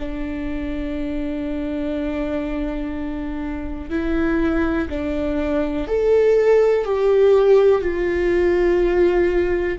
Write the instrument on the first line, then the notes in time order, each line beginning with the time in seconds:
viola
0.00 D4
3.90 E4
4.90 D4
5.88 A4
6.85 G4
7.82 F4